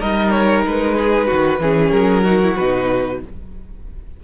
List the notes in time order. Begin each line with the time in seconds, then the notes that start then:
0.00 G3 D#4 A#4 D#5
0.31 C#5
0.67 G#3 B4
0.96 G#4
1.28 D#3 F#4
1.60 E3 C#4 G#4
1.91 F#3 A#4
2.24 D#4 F#4
2.42 E4
2.57 B2 D#4 B4